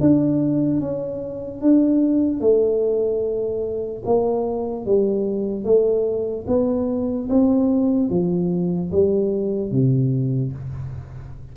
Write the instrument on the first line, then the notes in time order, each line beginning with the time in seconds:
tuba
0.00 D4
0.80 C#4
1.61 D4
2.40 A3
4.05 A#3
4.85 G3
5.64 A3
6.47 B3
7.29 C4
8.09 F3
8.91 G3
9.71 C3